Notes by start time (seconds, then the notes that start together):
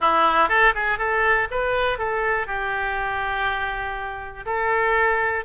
0.00 E4
0.48 A4
0.75 G#4
0.98 A4
1.51 B4
1.98 A4
2.47 G4
4.45 A4